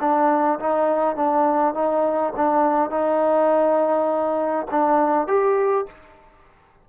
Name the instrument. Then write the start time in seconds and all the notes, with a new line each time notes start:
trombone
0.00 D4
0.59 D#4
1.16 D4
1.74 D#4
2.36 D4
2.90 D#4
4.71 D4
5.27 G4